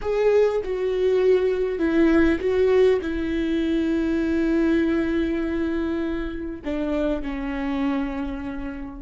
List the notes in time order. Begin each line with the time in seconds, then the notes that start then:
0.01 G#4
0.64 F#4
1.78 E4
2.40 F#4
3.01 E4
6.64 D4
7.22 C#4